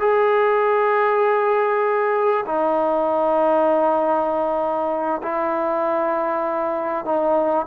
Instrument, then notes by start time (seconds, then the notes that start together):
trombone
0.00 G#4
2.46 D#4
5.23 E4
7.05 D#4